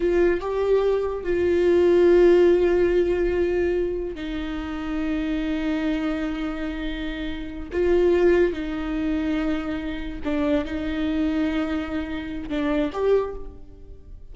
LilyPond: \new Staff \with { instrumentName = "viola" } { \time 4/4 \tempo 4 = 144 f'4 g'2 f'4~ | f'1~ | f'2 dis'2~ | dis'1~ |
dis'2~ dis'8 f'4.~ | f'8 dis'2.~ dis'8~ | dis'8 d'4 dis'2~ dis'8~ | dis'2 d'4 g'4 | }